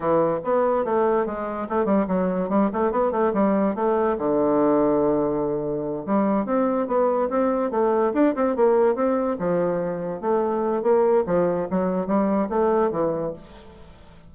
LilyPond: \new Staff \with { instrumentName = "bassoon" } { \time 4/4 \tempo 4 = 144 e4 b4 a4 gis4 | a8 g8 fis4 g8 a8 b8 a8 | g4 a4 d2~ | d2~ d8 g4 c'8~ |
c'8 b4 c'4 a4 d'8 | c'8 ais4 c'4 f4.~ | f8 a4. ais4 f4 | fis4 g4 a4 e4 | }